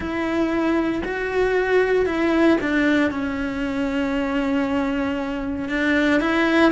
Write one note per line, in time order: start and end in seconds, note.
0.00 1.02 E4
1.04 2.05 F#4
2.05 2.57 E4
2.61 3.10 D4
3.10 5.68 C#4
5.68 6.20 D4
6.20 6.71 E4